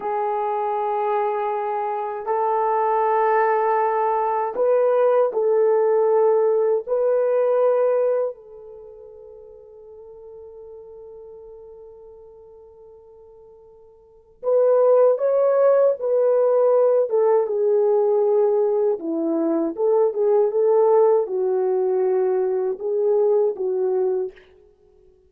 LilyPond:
\new Staff \with { instrumentName = "horn" } { \time 4/4 \tempo 4 = 79 gis'2. a'4~ | a'2 b'4 a'4~ | a'4 b'2 a'4~ | a'1~ |
a'2. b'4 | cis''4 b'4. a'8 gis'4~ | gis'4 e'4 a'8 gis'8 a'4 | fis'2 gis'4 fis'4 | }